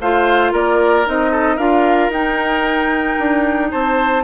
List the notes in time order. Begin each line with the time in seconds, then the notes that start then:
0.00 A3 F4 C5 F5
0.52 A#3 A#4 D5
1.05 C4 D#4 D#5
1.31 A4
1.56 D4 F4 A#4 F5
2.09 D#4 G5
3.19 D4
3.71 C4 C5 A5